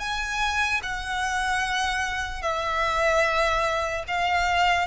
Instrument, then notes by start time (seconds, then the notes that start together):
violin
0.00 G#5
0.83 F#5
2.42 E5
4.08 F5